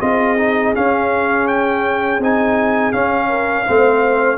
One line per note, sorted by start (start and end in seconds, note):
0.00 0.74 C4
0.00 0.37 F4
0.00 3.28 G#4
0.00 0.73 D#5
0.37 0.74 D#4
0.74 2.20 C#4
0.74 2.18 C#4
0.74 1.47 F5
1.47 2.20 G5
2.18 2.92 C4
2.18 2.92 D#4
2.18 2.92 G#5
2.92 3.66 C#4
2.92 4.37 F5
3.28 3.64 A#4
3.67 4.37 A3
3.67 4.37 C4
3.67 4.37 C5